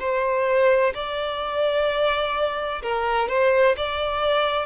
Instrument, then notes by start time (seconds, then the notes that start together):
violin
0.00 C5
0.95 D5
2.83 A#4
3.29 C5
3.77 D5